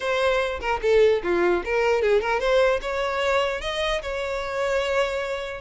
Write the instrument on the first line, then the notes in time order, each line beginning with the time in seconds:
violin
0.00 C5
0.60 A#4
0.82 A4
1.23 F4
1.64 A#4
2.02 G#4
2.21 A#4
2.40 C5
2.81 C#5
3.61 D#5
4.02 C#5